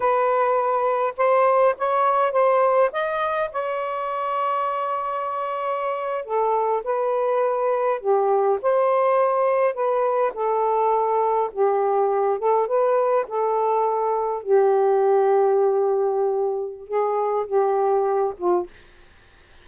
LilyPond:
\new Staff \with { instrumentName = "saxophone" } { \time 4/4 \tempo 4 = 103 b'2 c''4 cis''4 | c''4 dis''4 cis''2~ | cis''2~ cis''8. a'4 b'16~ | b'4.~ b'16 g'4 c''4~ c''16~ |
c''8. b'4 a'2 g'16~ | g'4~ g'16 a'8 b'4 a'4~ a'16~ | a'8. g'2.~ g'16~ | g'4 gis'4 g'4. f'8 | }